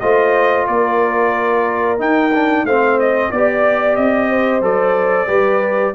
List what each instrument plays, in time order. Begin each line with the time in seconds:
0.00 tuba A3, trombone F4, horn C5, trumpet D#5
0.67 tuba A#3, horn A#4, trumpet D5
1.98 trombone D#4, tuba D#4, trumpet G5
2.34 trombone D4
2.63 tuba A3, trombone C4, horn C5, trumpet F5
2.99 trumpet D#5
3.31 tuba B3, trombone G4, trumpet D5, horn D5
3.96 tuba C4, trumpet D#5
4.30 horn C5
4.61 tuba F#3, trombone A4, trumpet D5
5.27 tuba G3, trombone G4, horn B4